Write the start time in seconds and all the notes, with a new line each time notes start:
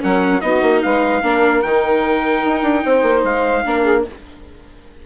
0.00 F#3 C#4 A#4 F#5
0.41 B3 D#4 F#4 D#5
0.62 A#3
0.83 G#3 B4 F5
1.23 A#3 D4 A#4
1.62 D#3 D#4 G5
2.45 D#4
2.63 D4
2.85 C4 C5
3.03 A#3
3.24 G#3 F5
3.65 A#3 D4 A#4
3.83 G#4